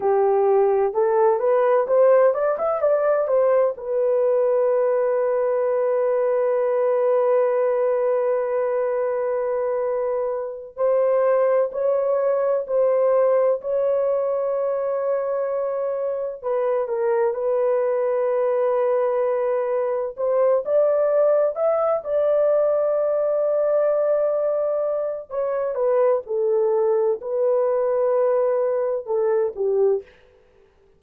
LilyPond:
\new Staff \with { instrumentName = "horn" } { \time 4/4 \tempo 4 = 64 g'4 a'8 b'8 c''8 d''16 e''16 d''8 c''8 | b'1~ | b'2.~ b'8 c''8~ | c''8 cis''4 c''4 cis''4.~ |
cis''4. b'8 ais'8 b'4.~ | b'4. c''8 d''4 e''8 d''8~ | d''2. cis''8 b'8 | a'4 b'2 a'8 g'8 | }